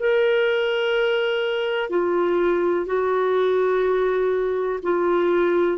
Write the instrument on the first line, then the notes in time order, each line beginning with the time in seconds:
clarinet
0.00 A#4
1.90 F4
2.86 F#4
4.83 F4